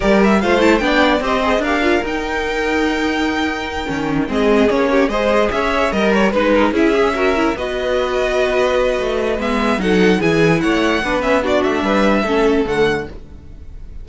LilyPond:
<<
  \new Staff \with { instrumentName = "violin" } { \time 4/4 \tempo 4 = 147 d''8 e''8 f''8 a''8 g''4 dis''4 | f''4 g''2.~ | g''2~ g''8 dis''4 cis''8~ | cis''8 dis''4 e''4 dis''8 cis''8 b'8~ |
b'8 e''2 dis''4.~ | dis''2. e''4 | fis''4 gis''4 fis''4. e''8 | d''8 e''2~ e''8 fis''4 | }
  \new Staff \with { instrumentName = "violin" } { \time 4/4 ais'4 c''4 d''4 c''4 | ais'1~ | ais'2~ ais'8 gis'4. | g'8 c''4 cis''4 ais'4 b'8 |
ais'8 gis'4 ais'4 b'4.~ | b'1 | a'4 gis'4 cis''4 b'4 | fis'4 b'4 a'2 | }
  \new Staff \with { instrumentName = "viola" } { \time 4/4 g'4 f'8 e'8 d'4 g'8 gis'8 | g'8 f'8 dis'2.~ | dis'4. cis'4 c'4 cis'8~ | cis'8 gis'2 ais'4 dis'8~ |
dis'8 e'8 gis'8 fis'8 e'8 fis'4.~ | fis'2. b4 | dis'4 e'2 d'8 cis'8 | d'2 cis'4 a4 | }
  \new Staff \with { instrumentName = "cello" } { \time 4/4 g4 a4 b4 c'4 | d'4 dis'2.~ | dis'4. dis4 gis4 ais8~ | ais8 gis4 cis'4 g4 gis8~ |
gis8 cis'2 b4.~ | b2 a4 gis4 | fis4 e4 a4 b4~ | b8 a8 g4 a4 d4 | }
>>